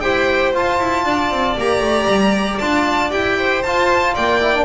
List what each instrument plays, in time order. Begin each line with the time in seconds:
0.00 double bass E4, trombone G4, violin C5 G5
0.54 trombone F4, double bass F4, violin A5
0.79 double bass E4
1.05 double bass D4, violin D5
1.30 double bass C4
1.57 double bass A#3, trombone G4, violin A#5
1.80 double bass A3
2.07 double bass G3
2.58 double bass D4, trombone F4, violin A5
3.10 double bass E4, trombone G4, violin G5
3.38 violin C5
3.63 double bass F4, trombone F4, violin A5
4.14 double bass A#3, violin D5 G5
4.41 trombone E4
4.54 trombone D4